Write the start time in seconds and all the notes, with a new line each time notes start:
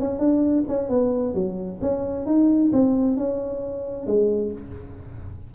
0.00 C#4
0.19 D4
0.68 C#4
0.89 B3
1.34 F#3
1.82 C#4
2.26 D#4
2.73 C4
3.17 C#4
4.07 G#3